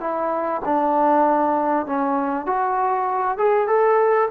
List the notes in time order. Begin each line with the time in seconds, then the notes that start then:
0.00 E4
0.65 D4
1.86 C#4
2.46 F#4
3.38 G#4
3.67 A4